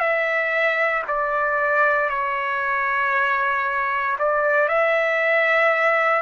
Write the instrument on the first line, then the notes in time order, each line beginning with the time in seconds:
trumpet
0.00 E5
1.08 D5
2.10 C#5
4.19 D5
4.69 E5